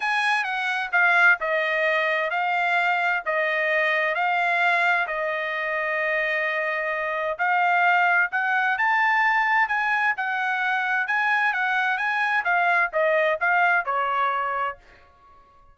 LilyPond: \new Staff \with { instrumentName = "trumpet" } { \time 4/4 \tempo 4 = 130 gis''4 fis''4 f''4 dis''4~ | dis''4 f''2 dis''4~ | dis''4 f''2 dis''4~ | dis''1 |
f''2 fis''4 a''4~ | a''4 gis''4 fis''2 | gis''4 fis''4 gis''4 f''4 | dis''4 f''4 cis''2 | }